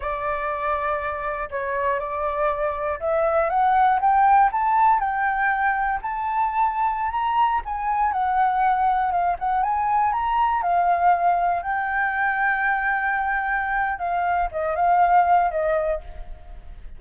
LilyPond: \new Staff \with { instrumentName = "flute" } { \time 4/4 \tempo 4 = 120 d''2. cis''4 | d''2 e''4 fis''4 | g''4 a''4 g''2 | a''2~ a''16 ais''4 gis''8.~ |
gis''16 fis''2 f''8 fis''8 gis''8.~ | gis''16 ais''4 f''2 g''8.~ | g''1 | f''4 dis''8 f''4. dis''4 | }